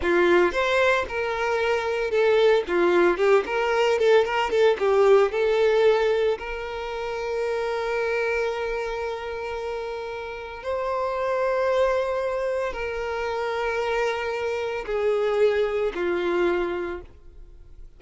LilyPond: \new Staff \with { instrumentName = "violin" } { \time 4/4 \tempo 4 = 113 f'4 c''4 ais'2 | a'4 f'4 g'8 ais'4 a'8 | ais'8 a'8 g'4 a'2 | ais'1~ |
ais'1 | c''1 | ais'1 | gis'2 f'2 | }